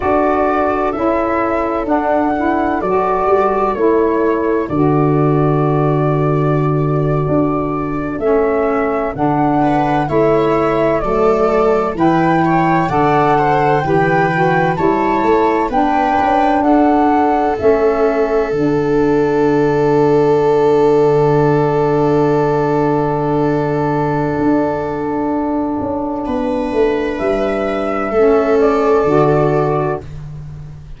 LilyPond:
<<
  \new Staff \with { instrumentName = "flute" } { \time 4/4 \tempo 4 = 64 d''4 e''4 fis''4 d''4 | cis''4 d''2.~ | d''8. e''4 fis''4 e''4 d''16~ | d''8. g''4 fis''4 g''4 a''16~ |
a''8. g''4 fis''4 e''4 fis''16~ | fis''1~ | fis''1~ | fis''4 e''4. d''4. | }
  \new Staff \with { instrumentName = "viola" } { \time 4/4 a'1~ | a'1~ | a'2~ a'16 b'8 cis''4 a'16~ | a'8. b'8 cis''8 d''8 c''8 b'4 cis''16~ |
cis''8. b'4 a'2~ a'16~ | a'1~ | a'1 | b'2 a'2 | }
  \new Staff \with { instrumentName = "saxophone" } { \time 4/4 fis'4 e'4 d'8 e'8 fis'4 | e'4 fis'2.~ | fis'8. cis'4 d'4 e'4 a16~ | a8. e'4 a'4 g'8 fis'8 e'16~ |
e'8. d'2 cis'4 d'16~ | d'1~ | d'1~ | d'2 cis'4 fis'4 | }
  \new Staff \with { instrumentName = "tuba" } { \time 4/4 d'4 cis'4 d'4 fis8 g8 | a4 d2~ d8. d'16~ | d'8. a4 d4 a4 fis16~ | fis8. e4 d4 e4 g16~ |
g16 a8 b8 cis'8 d'4 a4 d16~ | d1~ | d2 d'4. cis'8 | b8 a8 g4 a4 d4 | }
>>